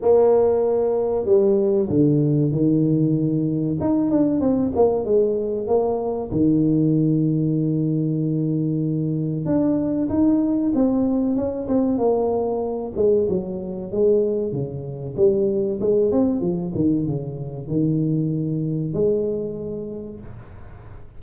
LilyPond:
\new Staff \with { instrumentName = "tuba" } { \time 4/4 \tempo 4 = 95 ais2 g4 d4 | dis2 dis'8 d'8 c'8 ais8 | gis4 ais4 dis2~ | dis2. d'4 |
dis'4 c'4 cis'8 c'8 ais4~ | ais8 gis8 fis4 gis4 cis4 | g4 gis8 c'8 f8 dis8 cis4 | dis2 gis2 | }